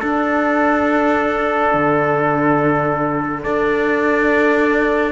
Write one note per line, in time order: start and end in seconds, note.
0.00 3.42 D4
0.00 1.74 D4
0.00 3.43 A4
0.00 5.12 F#5
1.74 3.45 D3
3.42 5.12 D4
3.42 5.12 A4
3.42 5.12 D5